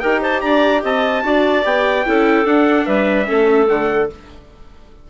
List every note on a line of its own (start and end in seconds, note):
0.00 0.43 D#4
0.00 1.24 G4
0.00 0.22 A#4
0.00 0.20 G5
0.22 0.42 C5
0.22 0.41 A5
0.41 0.84 D4
0.41 0.83 D5
0.41 0.82 A#5
0.83 1.24 C4
0.83 1.24 D#5
0.83 1.66 A5
1.24 1.64 D4
1.24 1.63 F#4
1.24 2.07 D5
1.63 2.05 B3
1.63 2.04 G4
1.63 2.47 G5
2.06 2.45 C#4
2.06 2.45 E4
2.06 2.86 A4
2.45 2.86 D4
2.45 3.25 D4
2.45 2.86 F#5
2.86 3.28 G3
2.86 3.27 B4
2.86 3.68 E5
3.25 3.69 A3
3.25 3.66 C#4
3.25 4.10 A4
3.67 4.10 D3
3.67 4.08 A3
3.67 4.10 F#5